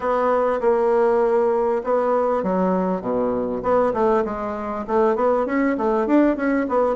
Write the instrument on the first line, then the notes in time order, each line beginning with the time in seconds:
bassoon
0.00 B3
0.60 A#3
1.83 B3
2.43 F#3
3.01 B2
3.62 B3
3.93 A3
4.24 G#3
4.87 A3
5.15 B3
5.45 C#4
5.77 A3
6.07 D4
6.36 C#4
6.68 B3